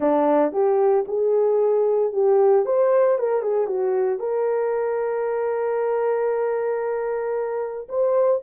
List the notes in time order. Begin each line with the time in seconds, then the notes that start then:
0.00 D4
0.52 G4
1.07 G#4
2.12 G4
2.65 C5
3.18 A#4
3.42 G#4
3.66 F#4
4.19 A#4
7.88 C5